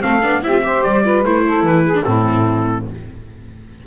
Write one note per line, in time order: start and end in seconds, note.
0.00 0.23 A3
0.00 0.20 C4
0.00 0.42 A4
0.00 0.43 F5
0.23 0.43 B3
0.23 0.43 D4
0.43 0.84 C4
0.43 0.52 E4
0.43 0.65 G4
0.43 0.84 E5
0.52 0.62 F4
0.63 1.04 G4
0.63 1.05 C5
0.84 1.24 G3
0.84 1.24 D5
1.05 1.25 F4
1.05 1.45 B4
1.24 1.63 A3
1.24 1.95 E4
1.24 1.66 C5
1.46 1.85 A4
1.63 2.04 E3
1.63 2.05 B4
1.85 2.05 G#4
1.95 2.04 D4
2.04 2.87 A2
2.04 2.86 C4
2.04 2.86 E4
2.04 2.86 A4